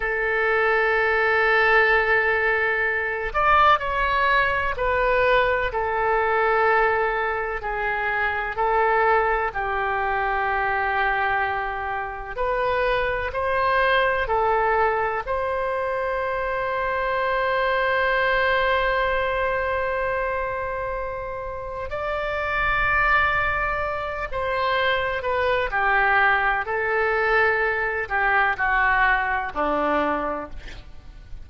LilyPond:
\new Staff \with { instrumentName = "oboe" } { \time 4/4 \tempo 4 = 63 a'2.~ a'8 d''8 | cis''4 b'4 a'2 | gis'4 a'4 g'2~ | g'4 b'4 c''4 a'4 |
c''1~ | c''2. d''4~ | d''4. c''4 b'8 g'4 | a'4. g'8 fis'4 d'4 | }